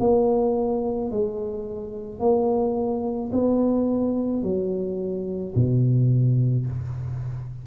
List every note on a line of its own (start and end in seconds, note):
0.00 1.11 A#3
1.11 2.20 G#3
2.20 3.31 A#3
3.33 4.43 B3
4.43 5.54 F#3
5.56 6.67 B2